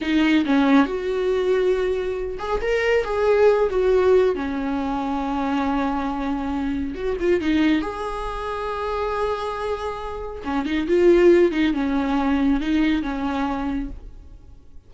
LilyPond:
\new Staff \with { instrumentName = "viola" } { \time 4/4 \tempo 4 = 138 dis'4 cis'4 fis'2~ | fis'4. gis'8 ais'4 gis'4~ | gis'8 fis'4. cis'2~ | cis'1 |
fis'8 f'8 dis'4 gis'2~ | gis'1 | cis'8 dis'8 f'4. dis'8 cis'4~ | cis'4 dis'4 cis'2 | }